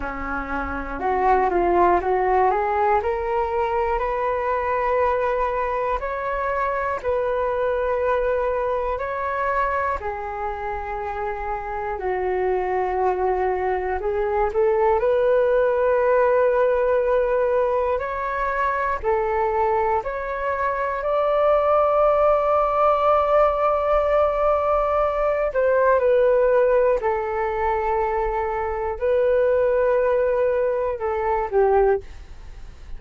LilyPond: \new Staff \with { instrumentName = "flute" } { \time 4/4 \tempo 4 = 60 cis'4 fis'8 f'8 fis'8 gis'8 ais'4 | b'2 cis''4 b'4~ | b'4 cis''4 gis'2 | fis'2 gis'8 a'8 b'4~ |
b'2 cis''4 a'4 | cis''4 d''2.~ | d''4. c''8 b'4 a'4~ | a'4 b'2 a'8 g'8 | }